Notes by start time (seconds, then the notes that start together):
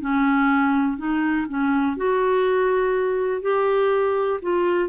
0.00 C#4
0.97 D#4
1.48 C#4
1.96 F#4
3.41 G4
4.42 F4